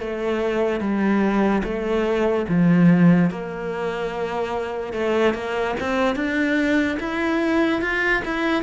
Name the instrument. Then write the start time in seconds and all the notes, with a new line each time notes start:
cello
0.00 A3
0.80 G3
1.64 A3
2.48 F3
3.31 A#3
4.93 A3
5.34 A#3
5.80 C4
6.16 D4
6.99 E4
7.82 F4
8.25 E4